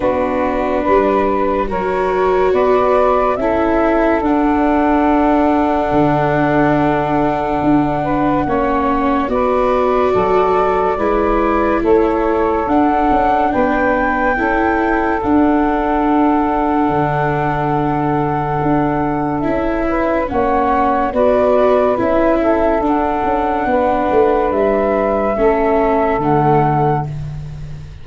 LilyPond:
<<
  \new Staff \with { instrumentName = "flute" } { \time 4/4 \tempo 4 = 71 b'2 cis''4 d''4 | e''4 fis''2.~ | fis''2. d''4~ | d''2 cis''4 fis''4 |
g''2 fis''2~ | fis''2. e''4 | fis''4 d''4 e''4 fis''4~ | fis''4 e''2 fis''4 | }
  \new Staff \with { instrumentName = "saxophone" } { \time 4/4 fis'4 b'4 ais'4 b'4 | a'1~ | a'4. b'8 cis''4 b'4 | a'4 b'4 a'2 |
b'4 a'2.~ | a'2.~ a'8 b'8 | cis''4 b'4. a'4. | b'2 a'2 | }
  \new Staff \with { instrumentName = "viola" } { \time 4/4 d'2 fis'2 | e'4 d'2.~ | d'2 cis'4 fis'4~ | fis'4 e'2 d'4~ |
d'4 e'4 d'2~ | d'2. e'4 | cis'4 fis'4 e'4 d'4~ | d'2 cis'4 a4 | }
  \new Staff \with { instrumentName = "tuba" } { \time 4/4 b4 g4 fis4 b4 | cis'4 d'2 d4~ | d4 d'4 ais4 b4 | fis4 gis4 a4 d'8 cis'8 |
b4 cis'4 d'2 | d2 d'4 cis'4 | ais4 b4 cis'4 d'8 cis'8 | b8 a8 g4 a4 d4 | }
>>